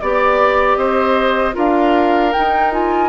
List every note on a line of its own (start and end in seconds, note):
0.00 0.76 B3
0.00 1.53 G4
0.00 0.75 D5
0.00 0.78 D5
0.75 1.54 C4
0.75 1.55 C5
0.75 1.53 D#5
1.53 2.34 D4
1.53 2.31 F4
1.53 3.09 A#4
1.53 2.32 F5
2.32 2.72 D#4
2.32 3.09 D#4
2.32 2.71 G5
2.72 3.09 F4
2.72 3.09 G#5